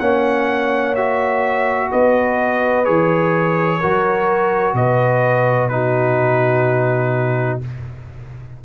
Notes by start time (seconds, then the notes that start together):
0.00 A#3 C#4 C#5 F#5
0.96 F#4 E5
1.90 B3 B4 D#5
2.85 E3 G#4 C#5
3.79 F#3 F#4 A#4
4.74 B2 B4 D#5
5.69 D#4 F#4 B4